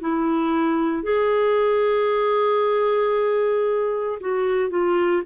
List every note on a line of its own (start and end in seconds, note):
0.00 1.03 E4
1.03 4.19 G#4
4.20 4.69 F#4
4.69 5.22 F4